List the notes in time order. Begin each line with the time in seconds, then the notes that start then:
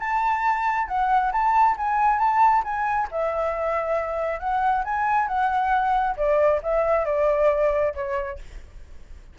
0.00 A5
0.88 F#5
1.32 A5
1.78 G#5
2.19 A5
2.64 G#5
3.12 E5
4.40 F#5
4.84 G#5
5.28 F#5
6.17 D5
6.63 E5
7.06 D5
7.95 C#5